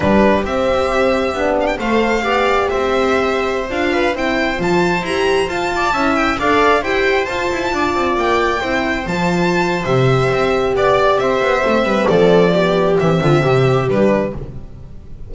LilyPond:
<<
  \new Staff \with { instrumentName = "violin" } { \time 4/4 \tempo 4 = 134 b'4 e''2~ e''8 f''16 g''16 | f''2 e''2~ | e''16 f''4 g''4 a''4 ais''8.~ | ais''16 a''4. g''8 f''4 g''8.~ |
g''16 a''2 g''4.~ g''16~ | g''16 a''4.~ a''16 e''2 | d''4 e''2 d''4~ | d''4 e''2 b'4 | }
  \new Staff \with { instrumentName = "viola" } { \time 4/4 g'1 | c''4 d''4 c''2~ | c''8. b'8 c''2~ c''8.~ | c''8. d''8 e''4 d''4 c''8.~ |
c''4~ c''16 d''2 c''8.~ | c''1 | d''4 c''4. b'8 a'4 | g'4. f'8 g'2 | }
  \new Staff \with { instrumentName = "horn" } { \time 4/4 d'4 c'2 d'4 | a'4 g'2.~ | g'16 f'4 e'4 f'4 g'8.~ | g'16 f'4 e'4 a'4 g'8.~ |
g'16 f'2. e'8.~ | e'16 f'4.~ f'16 g'2~ | g'2 c'2 | b4 c'2 d'4 | }
  \new Staff \with { instrumentName = "double bass" } { \time 4/4 g4 c'2 b4 | a4 b4 c'2~ | c'16 d'4 c'4 f4 e'8.~ | e'16 f'4 cis'4 d'4 e'8.~ |
e'16 f'8 e'8 d'8 c'8 ais4 c'8.~ | c'16 f4.~ f16 c4 c'4 | b4 c'8 b8 a8 g8 f4~ | f4 e8 d8 c4 g4 | }
>>